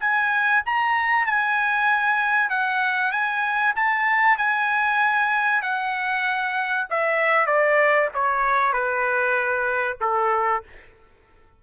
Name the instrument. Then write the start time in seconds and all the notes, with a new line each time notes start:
trumpet
0.00 G#5
0.65 A#5
1.26 G#5
2.49 F#5
3.11 G#5
3.76 A5
4.37 G#5
5.62 F#5
6.90 E5
7.46 D5
8.14 C#5
8.72 B4
10.01 A4